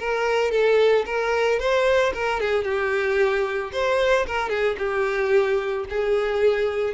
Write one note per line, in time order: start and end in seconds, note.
0.00 0.52 A#4
0.52 1.05 A4
1.06 1.60 A#4
1.60 2.14 C5
2.14 2.41 A#4
2.41 2.65 G#4
2.65 3.72 G4
3.73 4.27 C5
4.27 4.50 A#4
4.50 4.77 G#4
4.79 5.86 G4
5.90 6.94 G#4